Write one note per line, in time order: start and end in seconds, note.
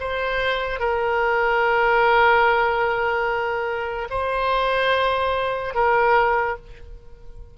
0.00 0.80 C5
0.80 4.08 A#4
4.10 5.74 C5
5.74 6.56 A#4